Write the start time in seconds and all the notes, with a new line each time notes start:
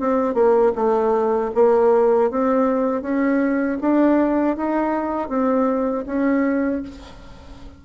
0.00 C4
0.35 A#3
0.76 A3
1.55 A#3
2.31 C4
3.02 C#4
3.81 D4
4.57 D#4
5.29 C4
6.07 C#4